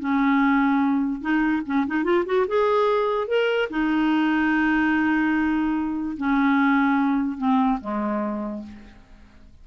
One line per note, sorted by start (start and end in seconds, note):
0.00 1.22 C#4
1.22 1.63 D#4
1.66 1.87 C#4
1.87 2.04 D#4
2.04 2.25 F4
2.26 2.47 F#4
2.48 3.28 G#4
3.28 3.69 A#4
3.71 6.17 D#4
6.18 7.38 C#4
7.38 7.79 C4
7.81 8.63 G#3